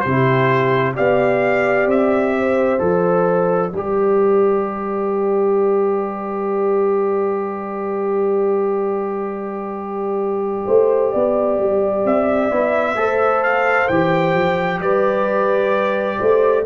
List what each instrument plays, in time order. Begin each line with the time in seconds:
0.00 tuba C3, trombone E4, horn G4, trumpet C5
0.95 tuba B3, trombone G4, horn D5, trumpet F5
1.86 tuba C4, trumpet E5
2.38 horn C5
2.78 tuba F3, trombone A4, trumpet D5
3.73 tuba G3, trombone G4, horn B4
10.66 tuba A3, horn C5
11.12 tuba B3, horn D5
11.58 tuba G3
12.05 tuba C4, trumpet E5
12.51 tuba B3, trombone E4
12.95 tuba A3, trombone A4, horn C5
13.43 trumpet F5
13.88 tuba E3, trombone G4, trumpet G5
14.34 tuba F3
14.79 tuba G3, horn B4, trumpet D5
16.17 tuba A3, horn C5